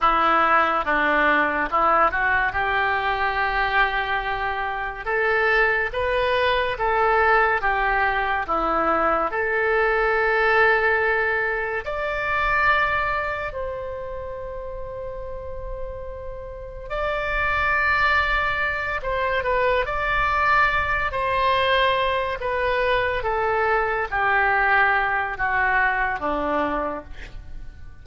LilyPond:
\new Staff \with { instrumentName = "oboe" } { \time 4/4 \tempo 4 = 71 e'4 d'4 e'8 fis'8 g'4~ | g'2 a'4 b'4 | a'4 g'4 e'4 a'4~ | a'2 d''2 |
c''1 | d''2~ d''8 c''8 b'8 d''8~ | d''4 c''4. b'4 a'8~ | a'8 g'4. fis'4 d'4 | }